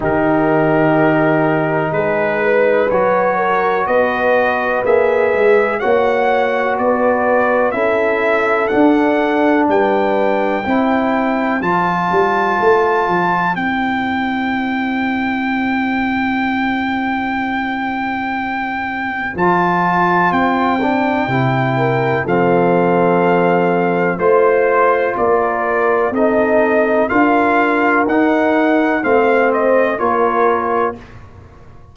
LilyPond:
<<
  \new Staff \with { instrumentName = "trumpet" } { \time 4/4 \tempo 4 = 62 ais'2 b'4 cis''4 | dis''4 e''4 fis''4 d''4 | e''4 fis''4 g''2 | a''2 g''2~ |
g''1 | a''4 g''2 f''4~ | f''4 c''4 d''4 dis''4 | f''4 fis''4 f''8 dis''8 cis''4 | }
  \new Staff \with { instrumentName = "horn" } { \time 4/4 g'2 gis'8 b'4 ais'8 | b'2 cis''4 b'4 | a'2 b'4 c''4~ | c''1~ |
c''1~ | c''2~ c''8 ais'8 a'4~ | a'4 c''4 ais'4 a'4 | ais'2 c''4 ais'4 | }
  \new Staff \with { instrumentName = "trombone" } { \time 4/4 dis'2. fis'4~ | fis'4 gis'4 fis'2 | e'4 d'2 e'4 | f'2 e'2~ |
e'1 | f'4. d'8 e'4 c'4~ | c'4 f'2 dis'4 | f'4 dis'4 c'4 f'4 | }
  \new Staff \with { instrumentName = "tuba" } { \time 4/4 dis2 gis4 fis4 | b4 ais8 gis8 ais4 b4 | cis'4 d'4 g4 c'4 | f8 g8 a8 f8 c'2~ |
c'1 | f4 c'4 c4 f4~ | f4 a4 ais4 c'4 | d'4 dis'4 a4 ais4 | }
>>